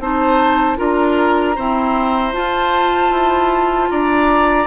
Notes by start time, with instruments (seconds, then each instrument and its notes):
0.00 bassoon C4, clarinet D#4, oboe C5, flute A5
0.77 bassoon D4, clarinet F4, oboe A#4, flute A#5
1.56 clarinet C4, bassoon E4, oboe C5
2.34 clarinet F4, bassoon F4, flute A5
3.11 bassoon E4
3.90 bassoon D4, oboe D5, flute A#5